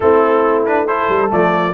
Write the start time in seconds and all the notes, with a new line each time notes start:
0.00 A3 C4 E4 A4
0.65 D4 B4
0.86 E4 A4 C5
1.08 G3
1.29 F3 A3 D5